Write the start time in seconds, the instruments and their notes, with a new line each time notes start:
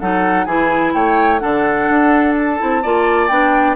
0.00 bassoon F#3, clarinet D#4, oboe A4, flute F#5
0.45 bassoon E3, clarinet E4, oboe G#4, flute G#5
0.94 bassoon A3, oboe C#5, flute G5
1.39 bassoon D3, clarinet D4, oboe A4, flute F#5
1.90 bassoon D4
2.38 flute A5
2.59 bassoon C4, clarinet E4
2.83 bassoon A#3, clarinet F4, oboe D5
3.28 bassoon B3, clarinet D4, flute G5